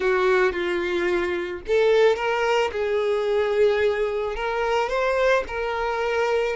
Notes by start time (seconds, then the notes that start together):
0.00 F#4
0.52 F4
1.67 A4
2.16 A#4
2.71 G#4
4.35 A#4
4.89 C5
5.47 A#4